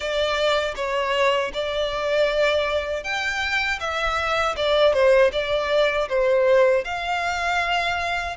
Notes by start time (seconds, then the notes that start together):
0.00 D5
0.75 C#5
1.53 D5
3.03 G5
3.79 E5
4.56 D5
4.93 C5
5.32 D5
6.08 C5
6.84 F5